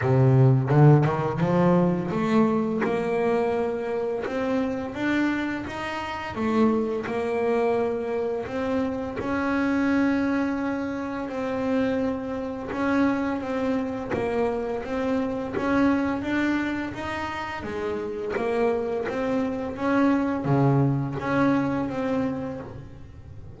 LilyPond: \new Staff \with { instrumentName = "double bass" } { \time 4/4 \tempo 4 = 85 c4 d8 dis8 f4 a4 | ais2 c'4 d'4 | dis'4 a4 ais2 | c'4 cis'2. |
c'2 cis'4 c'4 | ais4 c'4 cis'4 d'4 | dis'4 gis4 ais4 c'4 | cis'4 cis4 cis'4 c'4 | }